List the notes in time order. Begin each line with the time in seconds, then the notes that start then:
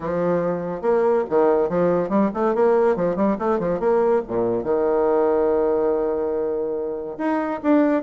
0.00 F3
0.81 A#3
1.29 D#3
1.69 F3
2.09 G3
2.34 A3
2.55 A#3
2.96 F3
3.15 G3
3.38 A3
3.59 F3
3.79 A#3
4.27 A#2
4.63 D#3
7.18 D#4
7.62 D4